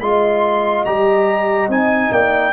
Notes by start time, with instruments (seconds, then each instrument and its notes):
0.00 tuba G#3, trombone F4, horn D#5, trumpet C6
0.85 tuba G3, trombone G4, trumpet A#5
1.68 tuba C4, trombone D#4, trumpet G#5
2.11 tuba A#3, horn D5, trumpet G5